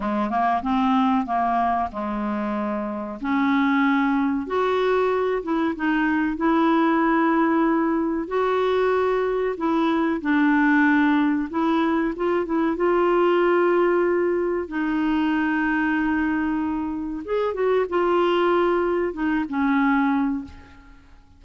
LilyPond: \new Staff \with { instrumentName = "clarinet" } { \time 4/4 \tempo 4 = 94 gis8 ais8 c'4 ais4 gis4~ | gis4 cis'2 fis'4~ | fis'8 e'8 dis'4 e'2~ | e'4 fis'2 e'4 |
d'2 e'4 f'8 e'8 | f'2. dis'4~ | dis'2. gis'8 fis'8 | f'2 dis'8 cis'4. | }